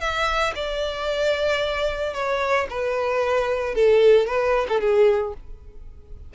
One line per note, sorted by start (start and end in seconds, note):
0.00 0.53 E5
0.55 2.13 D5
2.13 2.66 C#5
2.70 3.75 B4
3.75 4.27 A4
4.27 4.67 B4
4.68 4.80 A4
4.80 5.33 G#4